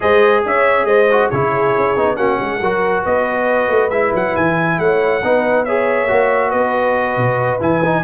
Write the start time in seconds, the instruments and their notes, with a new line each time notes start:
0.00 tuba G#3, trombone G#4, horn C5, trumpet D#5
0.45 tuba C#4, horn C#5, trumpet E5
0.84 tuba G#3, horn C5, trumpet D#5
1.11 trombone F#4
1.30 tuba C#3, trombone E4, horn G#4, trumpet C#5
1.77 tuba C#4
1.96 tuba B3, trombone D#4
2.16 tuba A#3, trombone C#4, horn F#4, trumpet F#5
2.38 tuba G#3, horn G#4
2.59 tuba F#3, trombone F#4, horn A#4
3.03 tuba B3, horn B4, trumpet D#5
3.68 tuba A3
3.89 tuba G#3, trombone E4, trumpet E5
4.14 tuba F#3, trumpet F#5
4.36 tuba E3, trumpet G#5
4.78 tuba A3, horn C#5, trumpet F#5
5.23 tuba B3, trombone D#4, horn B4
5.64 trombone G#4, horn C#5, trumpet E5
6.08 tuba A#3, trombone F#4
6.49 tuba B3, horn B4, trumpet D#5
7.17 tuba B2
7.60 tuba E3, trombone E4, trumpet G#5
7.84 trombone D#4